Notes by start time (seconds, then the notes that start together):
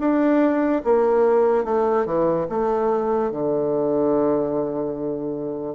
0.00 D4
0.85 A#3
1.65 A3
2.06 E3
2.50 A3
3.31 D3